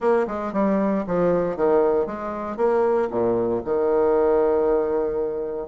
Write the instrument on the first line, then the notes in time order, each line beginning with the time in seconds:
bassoon
0.00 A#3
0.27 G#3
0.52 G3
1.06 F3
1.56 D#3
2.06 G#3
2.56 A#3
3.10 A#2
3.64 D#3